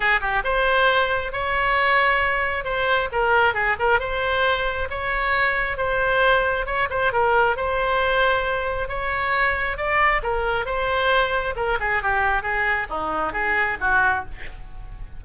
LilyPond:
\new Staff \with { instrumentName = "oboe" } { \time 4/4 \tempo 4 = 135 gis'8 g'8 c''2 cis''4~ | cis''2 c''4 ais'4 | gis'8 ais'8 c''2 cis''4~ | cis''4 c''2 cis''8 c''8 |
ais'4 c''2. | cis''2 d''4 ais'4 | c''2 ais'8 gis'8 g'4 | gis'4 dis'4 gis'4 fis'4 | }